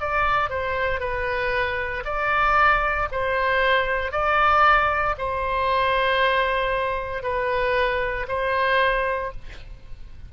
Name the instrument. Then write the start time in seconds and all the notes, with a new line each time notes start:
oboe
0.00 D5
0.49 C5
1.00 B4
2.05 D5
3.12 C5
4.11 D5
5.18 C5
7.23 B4
8.28 C5